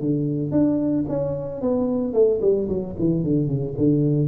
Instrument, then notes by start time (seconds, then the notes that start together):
tuba
0.00 D3
0.51 D4
1.09 C#4
1.61 B3
2.14 A3
2.41 G3
2.69 F#3
2.99 E3
3.24 D3
3.47 C#3
3.77 D3